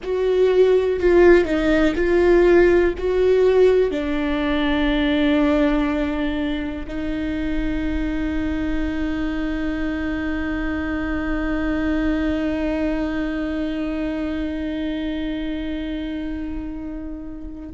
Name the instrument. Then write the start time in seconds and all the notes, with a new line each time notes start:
viola
0.03 F#4
0.99 F4
1.44 D#4
1.95 F4
2.98 F#4
3.90 D4
6.87 D#4